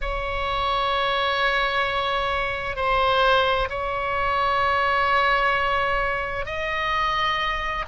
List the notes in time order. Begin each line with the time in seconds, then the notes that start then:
0.01 C#5
2.76 C5
3.69 C#5
6.45 D#5